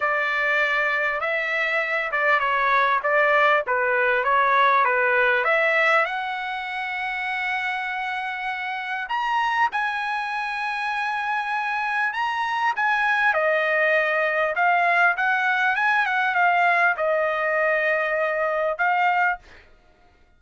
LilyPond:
\new Staff \with { instrumentName = "trumpet" } { \time 4/4 \tempo 4 = 99 d''2 e''4. d''8 | cis''4 d''4 b'4 cis''4 | b'4 e''4 fis''2~ | fis''2. ais''4 |
gis''1 | ais''4 gis''4 dis''2 | f''4 fis''4 gis''8 fis''8 f''4 | dis''2. f''4 | }